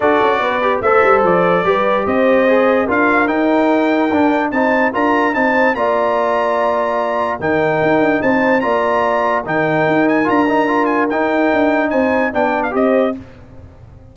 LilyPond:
<<
  \new Staff \with { instrumentName = "trumpet" } { \time 4/4 \tempo 4 = 146 d''2 e''4 d''4~ | d''4 dis''2 f''4 | g''2. a''4 | ais''4 a''4 ais''2~ |
ais''2 g''2 | a''4 ais''2 g''4~ | g''8 gis''8 ais''4. gis''8 g''4~ | g''4 gis''4 g''8. f''16 dis''4 | }
  \new Staff \with { instrumentName = "horn" } { \time 4/4 a'4 b'4 c''2 | b'4 c''2 ais'4~ | ais'2. c''4 | ais'4 c''4 d''2~ |
d''2 ais'2 | c''4 d''2 ais'4~ | ais'1~ | ais'4 c''4 d''4 c''4 | }
  \new Staff \with { instrumentName = "trombone" } { \time 4/4 fis'4. g'8 a'2 | g'2 gis'4 f'4 | dis'2 d'4 dis'4 | f'4 dis'4 f'2~ |
f'2 dis'2~ | dis'4 f'2 dis'4~ | dis'4 f'8 dis'8 f'4 dis'4~ | dis'2 d'4 g'4 | }
  \new Staff \with { instrumentName = "tuba" } { \time 4/4 d'8 cis'8 b4 a8 g8 f4 | g4 c'2 d'4 | dis'2 d'4 c'4 | d'4 c'4 ais2~ |
ais2 dis4 dis'8 d'8 | c'4 ais2 dis4 | dis'4 d'2 dis'4 | d'4 c'4 b4 c'4 | }
>>